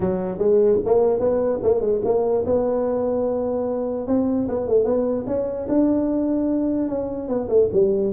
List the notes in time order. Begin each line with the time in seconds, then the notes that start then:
0.00 F#3
0.38 G#3
0.85 A#3
1.19 B3
1.63 A#3
1.80 G#3
2.04 A#3
2.45 B3
4.07 C4
4.48 B3
4.67 A3
4.84 B3
5.26 C#4
5.68 D4
6.88 C#4
7.28 B3
7.48 A3
7.72 G3